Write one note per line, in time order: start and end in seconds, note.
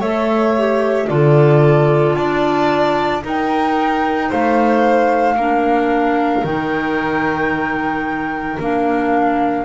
0.00 1.08 A3
0.00 0.54 A4
0.00 1.07 C#5
0.00 1.08 E5
0.58 1.08 G4
1.08 2.16 D3
1.08 3.22 F4
1.08 2.17 A4
1.08 2.15 D5
2.15 3.23 D4
2.15 3.24 D5
2.15 3.23 A5
3.22 5.36 D#4
3.22 4.31 D#4
3.22 4.29 A#4
3.22 4.32 G5
4.29 5.36 A3
4.29 5.36 C5
4.29 6.45 F5
5.36 6.43 A#3
5.36 6.45 D4
5.36 9.66 A#4
6.44 8.58 D#3
6.44 8.59 D#4
6.44 8.59 G5
8.60 9.66 A#3
8.60 9.66 D4
8.60 9.66 F5